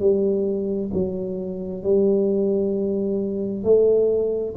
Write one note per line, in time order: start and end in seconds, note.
0.00 0.91 G3
0.93 1.83 F#3
1.83 3.64 G3
3.64 4.55 A3